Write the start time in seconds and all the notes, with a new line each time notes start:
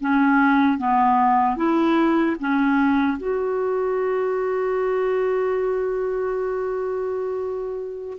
0.00 C#4
0.78 B3
1.56 E4
2.40 C#4
3.17 F#4